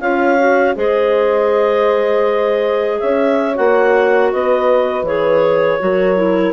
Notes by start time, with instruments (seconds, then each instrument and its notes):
0.00 bassoon C#4, clarinet F4 F5, horn C#5
0.38 clarinet F#4
0.75 bassoon G#3, clarinet G#4 D#5, horn C5
3.00 bassoon C#4, horn C#5, clarinet E5
3.55 bassoon A#3, clarinet F#4 F#5
4.32 bassoon B3, horn B4, clarinet D#5
5.03 bassoon E3, clarinet G#4 C#5
5.79 bassoon F#3, clarinet F#4, horn A#4
6.16 clarinet E4